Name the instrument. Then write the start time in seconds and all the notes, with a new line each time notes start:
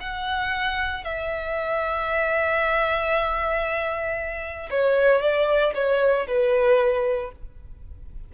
violin
0.00 F#5
1.04 E5
4.71 C#5
5.22 D5
5.75 C#5
6.28 B4